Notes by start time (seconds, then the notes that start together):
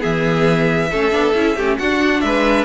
0.00 E3 B3 G#4 E5
0.91 A3 C#4 A4
1.11 B3 D4
1.34 C#4 E4
1.56 A3 C#4 G4
1.78 D4 F#4 F#5
2.21 G#3 B4 E5